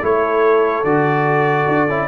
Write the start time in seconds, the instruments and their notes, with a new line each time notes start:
0.00 tuba A3, trombone E4, horn A4, trumpet C#5
0.84 tuba D3, trombone F#4, trumpet D5
1.68 tuba D4
1.89 tuba C#4, trombone E4